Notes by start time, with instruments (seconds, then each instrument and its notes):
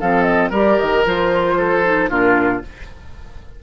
0.00 bassoon F3, clarinet C4, oboe A4, flute F5
0.23 flute D#5
0.51 bassoon G3, clarinet G4, oboe A#4, flute D5
0.79 bassoon D#3, flute D#5
1.06 bassoon F3, clarinet F4, flute C5
1.58 oboe A4
1.84 clarinet D#4
2.10 bassoon A#2, clarinet D4, oboe F4, flute A#4